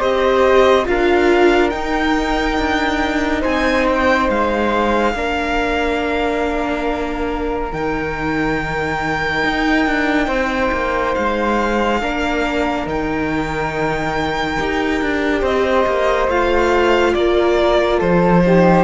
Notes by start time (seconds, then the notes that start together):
0.00 C4 G4 C5 D#5
0.85 D4 F4 A#4 F5
1.70 D#4 G5
2.58 D4
3.41 C4 C5 G#5
3.89 G5
4.29 G#3 F5
5.14 A#3 D4 A#4
7.73 D#3 D#4 G5
9.44 D#4
9.86 D4
10.27 C4 C5
10.72 A#3
11.15 G#3 F5
12.01 A#3 D4 A#4
12.87 D#3 D#4 G5
14.59 D#4 G4
15.01 D4
15.41 C4 C5 D#5
15.87 A#3
16.28 A3 F4 F5
17.14 A#3 A#4 D5
17.99 F3 A4 C5
18.46 D#4 G4